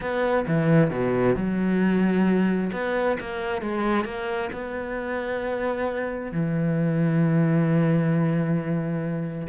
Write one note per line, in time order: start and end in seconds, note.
0.00 0.45 B3
0.47 0.90 E3
0.90 1.35 B2
1.35 2.70 F#3
2.72 3.17 B3
3.20 3.61 A#3
3.61 4.04 G#3
4.04 4.49 A#3
4.52 6.32 B3
6.32 9.47 E3